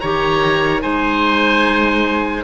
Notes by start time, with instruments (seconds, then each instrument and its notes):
0.00 cello D#3, clarinet G4, oboe C#5 A#5
0.80 cello G#3, clarinet D#4, oboe C5 G#5